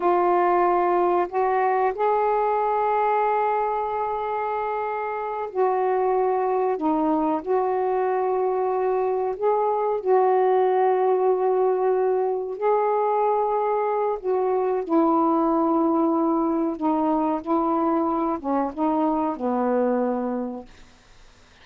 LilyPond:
\new Staff \with { instrumentName = "saxophone" } { \time 4/4 \tempo 4 = 93 f'2 fis'4 gis'4~ | gis'1~ | gis'8 fis'2 dis'4 fis'8~ | fis'2~ fis'8 gis'4 fis'8~ |
fis'2.~ fis'8 gis'8~ | gis'2 fis'4 e'4~ | e'2 dis'4 e'4~ | e'8 cis'8 dis'4 b2 | }